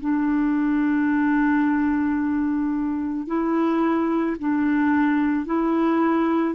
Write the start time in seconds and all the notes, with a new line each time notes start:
0.00 D4
3.27 E4
4.39 D4
5.45 E4